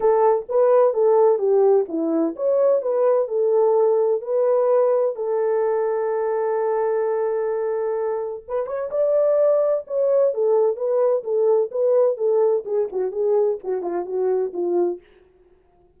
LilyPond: \new Staff \with { instrumentName = "horn" } { \time 4/4 \tempo 4 = 128 a'4 b'4 a'4 g'4 | e'4 cis''4 b'4 a'4~ | a'4 b'2 a'4~ | a'1~ |
a'2 b'8 cis''8 d''4~ | d''4 cis''4 a'4 b'4 | a'4 b'4 a'4 gis'8 fis'8 | gis'4 fis'8 f'8 fis'4 f'4 | }